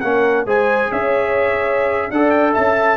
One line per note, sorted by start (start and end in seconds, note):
0.00 0.46 A#3
0.00 0.46 C#4
0.00 0.46 A#4
0.00 0.44 F#5
0.46 0.89 G#3
0.46 2.11 G#4
0.46 0.90 C5
0.46 0.92 G#5
0.91 2.10 C#4
0.91 2.12 C#5
0.91 2.11 E5
2.10 2.54 D4
2.10 2.97 A4
2.10 2.53 D5
2.10 2.30 F#5
2.30 2.52 G5
2.53 2.97 C#4
2.53 2.97 E5
2.53 2.97 A5